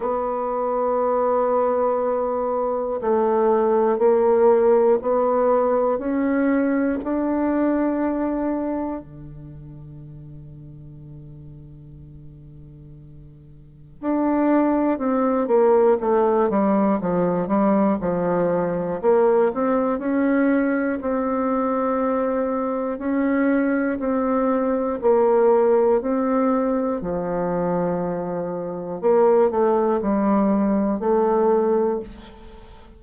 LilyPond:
\new Staff \with { instrumentName = "bassoon" } { \time 4/4 \tempo 4 = 60 b2. a4 | ais4 b4 cis'4 d'4~ | d'4 d2.~ | d2 d'4 c'8 ais8 |
a8 g8 f8 g8 f4 ais8 c'8 | cis'4 c'2 cis'4 | c'4 ais4 c'4 f4~ | f4 ais8 a8 g4 a4 | }